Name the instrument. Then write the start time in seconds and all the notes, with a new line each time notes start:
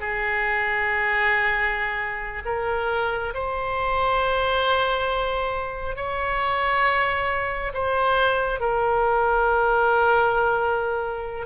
oboe
0.00 G#4
2.45 A#4
3.34 C5
5.96 C#5
7.73 C5
8.60 A#4